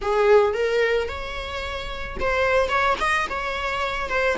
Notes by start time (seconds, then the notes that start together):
0.01 G#4
0.53 A#4
1.08 C#5
2.20 C5
2.69 C#5
3.00 D#5
3.29 C#5
4.09 C5